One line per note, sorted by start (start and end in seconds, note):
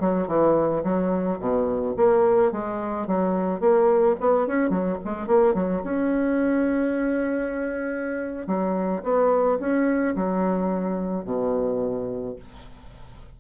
0.00 0.27 F#3
0.27 0.83 E3
0.83 1.39 F#3
1.39 1.95 B2
1.96 2.52 A#3
2.52 3.07 G#3
3.07 3.60 F#3
3.60 4.16 A#3
4.20 4.47 B3
4.47 4.70 C#4
4.70 4.97 F#3
5.05 5.27 G#3
5.27 5.54 A#3
5.54 5.82 F#3
5.84 8.47 C#4
8.47 9.03 F#3
9.03 9.59 B3
9.60 10.15 C#4
10.15 11.24 F#3
11.24 12.36 B2